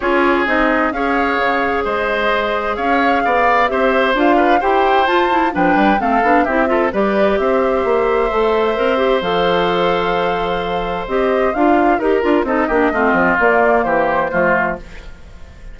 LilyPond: <<
  \new Staff \with { instrumentName = "flute" } { \time 4/4 \tempo 4 = 130 cis''4 dis''4 f''2 | dis''2 f''2 | e''4 f''4 g''4 a''4 | g''4 f''4 e''4 d''4 |
e''1 | f''1 | dis''4 f''4 ais'4 dis''4~ | dis''4 d''4 c''2 | }
  \new Staff \with { instrumentName = "oboe" } { \time 4/4 gis'2 cis''2 | c''2 cis''4 d''4 | c''4. b'8 c''2 | b'4 a'4 g'8 a'8 b'4 |
c''1~ | c''1~ | c''2 ais'4 a'8 g'8 | f'2 g'4 f'4 | }
  \new Staff \with { instrumentName = "clarinet" } { \time 4/4 f'4 dis'4 gis'2~ | gis'1 | g'4 f'4 g'4 f'8 e'8 | d'4 c'8 d'8 e'8 f'8 g'4~ |
g'2 a'4 ais'8 g'8 | a'1 | g'4 f'4 g'8 f'8 dis'8 d'8 | c'4 ais2 a4 | }
  \new Staff \with { instrumentName = "bassoon" } { \time 4/4 cis'4 c'4 cis'4 cis4 | gis2 cis'4 b4 | c'4 d'4 e'4 f'4 | f8 g8 a8 b8 c'4 g4 |
c'4 ais4 a4 c'4 | f1 | c'4 d'4 dis'8 d'8 c'8 ais8 | a8 f8 ais4 e4 f4 | }
>>